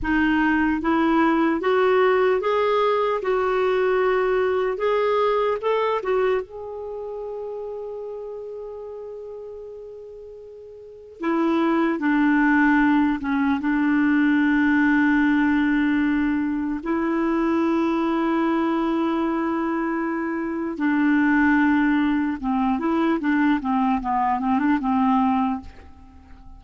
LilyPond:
\new Staff \with { instrumentName = "clarinet" } { \time 4/4 \tempo 4 = 75 dis'4 e'4 fis'4 gis'4 | fis'2 gis'4 a'8 fis'8 | gis'1~ | gis'2 e'4 d'4~ |
d'8 cis'8 d'2.~ | d'4 e'2.~ | e'2 d'2 | c'8 e'8 d'8 c'8 b8 c'16 d'16 c'4 | }